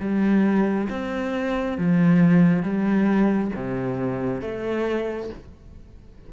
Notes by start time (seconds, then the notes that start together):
0.00 G3
0.89 C4
1.78 F3
2.63 G3
3.55 C3
4.41 A3